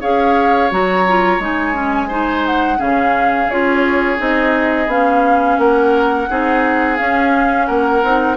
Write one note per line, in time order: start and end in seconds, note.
0.00 0.71 C#4
0.00 0.70 G#4
0.00 2.07 C#5
0.00 0.70 F5
0.70 1.39 F#3
0.70 1.05 F#4
0.70 1.41 A#5
1.07 1.40 F4
1.39 2.78 G#3
1.39 1.73 D#4
1.39 2.46 G#5
1.73 2.08 C#4
2.07 2.77 D#4
2.07 2.77 C5
2.46 2.80 F#5
2.77 3.48 C#3
2.77 3.47 C#4
2.77 5.57 G#4
2.77 3.50 F5
3.48 4.18 C#4
3.48 4.17 F4
3.48 4.20 C#5
4.17 4.87 C4
4.17 4.87 D#4
4.17 4.90 D#5
4.87 5.56 B3
4.87 6.28 C#4
4.87 5.59 F5
5.58 6.27 A#3
5.58 6.29 A#4
5.58 6.96 F#5
6.29 6.99 C4
6.29 6.98 D#4
6.29 7.67 G#4
6.96 8.02 C#4
6.96 7.68 C#4
6.96 7.66 F5
7.66 8.03 A#3
7.66 8.36 A#4
7.66 8.35 F#5
8.03 8.37 C4
8.03 8.37 D#4